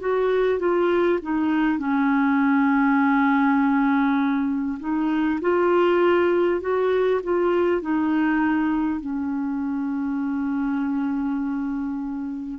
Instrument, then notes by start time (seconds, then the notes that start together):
clarinet
0.00 F#4
0.59 F4
1.22 D#4
1.78 C#4
4.79 D#4
5.41 F4
6.60 F#4
7.23 F4
7.81 D#4
9.00 C#4